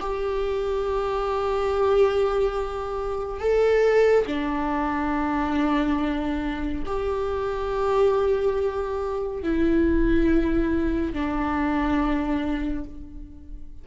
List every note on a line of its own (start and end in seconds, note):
0.00 3.40 G4
3.40 4.26 A4
4.27 6.84 D4
6.86 9.43 G4
9.43 11.13 E4
11.13 12.85 D4